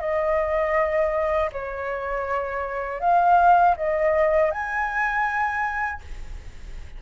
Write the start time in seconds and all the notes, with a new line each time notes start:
0.00 D#5
1.52 C#5
3.00 F5
3.76 D#5
4.51 G#5